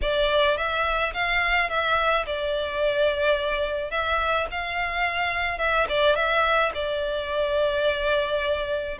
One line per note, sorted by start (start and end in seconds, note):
0.01 0.57 D5
0.57 1.13 E5
1.13 1.69 F5
1.69 2.25 E5
2.26 3.90 D5
3.90 4.46 E5
4.51 5.58 F5
5.58 5.86 E5
5.89 6.15 D5
6.15 6.71 E5
6.74 8.98 D5